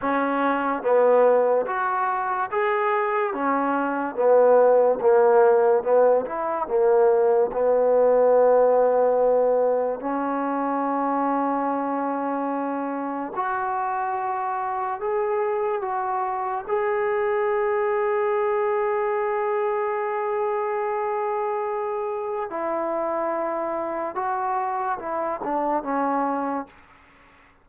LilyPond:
\new Staff \with { instrumentName = "trombone" } { \time 4/4 \tempo 4 = 72 cis'4 b4 fis'4 gis'4 | cis'4 b4 ais4 b8 e'8 | ais4 b2. | cis'1 |
fis'2 gis'4 fis'4 | gis'1~ | gis'2. e'4~ | e'4 fis'4 e'8 d'8 cis'4 | }